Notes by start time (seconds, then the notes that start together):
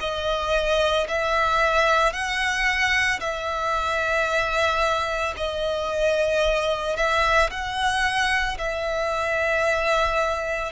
0.00 D#5
1.08 E5
2.12 F#5
3.20 E5
5.37 D#5
6.96 E5
7.50 F#5
8.58 E5